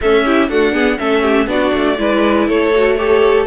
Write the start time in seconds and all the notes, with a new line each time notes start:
0.01 A3 C#4 A4 E5
0.24 E4 G4
0.49 A3 D4 F#4 F#5
0.72 B3 G#4
0.98 A3 C#4 A4 E5
1.22 G4
1.47 B3 D4 F#4 D5
1.73 A3
1.97 G#3 E4 B4
2.47 A3 A4 C#5
2.74 F#4
2.95 G4 A4 C#5